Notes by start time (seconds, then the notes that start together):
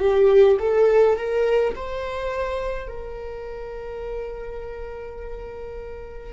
0.00 G4
0.59 A4
1.16 A#4
1.76 C5
2.88 A#4